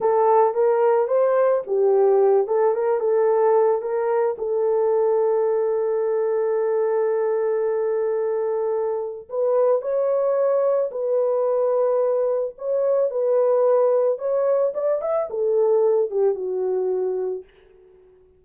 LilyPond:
\new Staff \with { instrumentName = "horn" } { \time 4/4 \tempo 4 = 110 a'4 ais'4 c''4 g'4~ | g'8 a'8 ais'8 a'4. ais'4 | a'1~ | a'1~ |
a'4 b'4 cis''2 | b'2. cis''4 | b'2 cis''4 d''8 e''8 | a'4. g'8 fis'2 | }